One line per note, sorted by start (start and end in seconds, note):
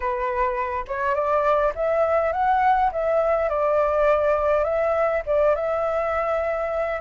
0.00 0.85 B4
0.87 1.14 C#5
1.14 1.73 D5
1.75 2.32 E5
2.32 2.90 F#5
2.92 3.49 E5
3.49 4.64 D5
4.64 5.22 E5
5.26 5.55 D5
5.55 7.00 E5